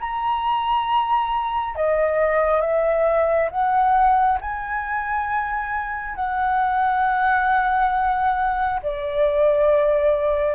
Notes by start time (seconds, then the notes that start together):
0.00 A#5
1.76 D#5
2.61 E5
3.51 F#5
4.41 G#5
6.16 F#5
8.83 D5